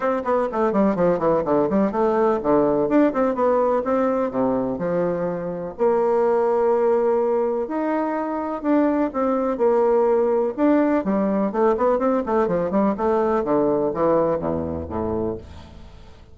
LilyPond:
\new Staff \with { instrumentName = "bassoon" } { \time 4/4 \tempo 4 = 125 c'8 b8 a8 g8 f8 e8 d8 g8 | a4 d4 d'8 c'8 b4 | c'4 c4 f2 | ais1 |
dis'2 d'4 c'4 | ais2 d'4 g4 | a8 b8 c'8 a8 f8 g8 a4 | d4 e4 e,4 a,4 | }